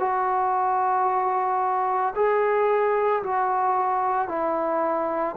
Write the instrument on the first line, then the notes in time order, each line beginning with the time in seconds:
trombone
0.00 F#4
2.16 G#4
3.23 F#4
4.29 E4